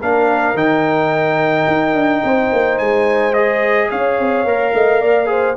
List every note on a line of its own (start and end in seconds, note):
0.00 0.54 A#3
0.00 0.56 D4
0.00 2.22 A#4
0.00 0.57 F5
0.54 1.66 D#3
0.54 3.34 D#4
0.54 2.78 G5
1.68 1.94 D#4
1.94 2.22 D4
2.24 2.52 C4
2.24 3.90 C5
2.53 2.80 A#3
2.78 3.91 G#3
2.78 3.34 G#5
3.34 4.46 G#4
3.34 3.89 D#5
3.90 4.19 C#4
3.90 4.73 C#5
3.90 5.57 F5
4.19 4.45 C4
4.45 4.72 A#3
4.45 5.26 A#4
4.74 5.02 A3
4.74 5.02 D#5
5.02 5.57 A#3
5.02 5.29 D5
5.26 5.54 G#4
5.26 5.57 C5